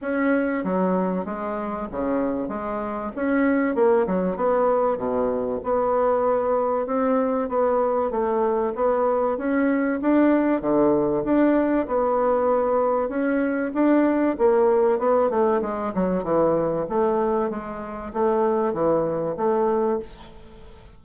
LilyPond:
\new Staff \with { instrumentName = "bassoon" } { \time 4/4 \tempo 4 = 96 cis'4 fis4 gis4 cis4 | gis4 cis'4 ais8 fis8 b4 | b,4 b2 c'4 | b4 a4 b4 cis'4 |
d'4 d4 d'4 b4~ | b4 cis'4 d'4 ais4 | b8 a8 gis8 fis8 e4 a4 | gis4 a4 e4 a4 | }